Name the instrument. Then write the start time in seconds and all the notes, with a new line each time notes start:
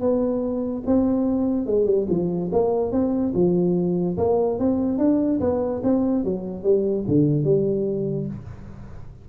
tuba
0.00 B3
0.86 C4
1.66 G#3
1.85 G3
2.09 F3
2.52 A#3
2.91 C4
3.34 F3
4.17 A#3
4.59 C4
4.98 D4
5.40 B3
5.83 C4
6.24 F#3
6.63 G3
7.08 D3
7.44 G3